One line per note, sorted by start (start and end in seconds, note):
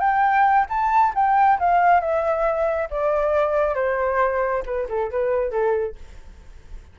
0.00 0.66 G5
0.69 1.13 A5
1.15 1.59 G5
1.59 2.01 F5
2.01 2.89 E5
2.91 3.75 D5
3.75 4.63 C5
4.66 4.88 B4
4.89 5.11 A4
5.11 5.51 B4
5.51 5.96 A4